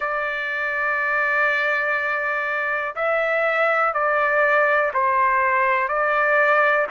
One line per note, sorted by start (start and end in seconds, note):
0.00 2.95 D5
2.95 3.93 E5
3.93 4.92 D5
4.93 5.88 C5
5.88 6.86 D5